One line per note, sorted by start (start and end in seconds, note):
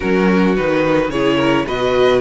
0.00 0.58 F#3
0.00 0.56 C#4
0.00 1.11 F#4
0.00 0.55 A#4
0.56 1.09 D#3
0.56 1.12 D#4
0.56 1.10 B4
1.09 1.64 C#3
1.09 1.66 E4
1.09 1.37 G#4
1.09 1.66 C#5
1.37 1.65 A#4
1.66 2.20 B2
1.66 2.20 F#4
1.66 2.20 B4
1.66 2.20 D#5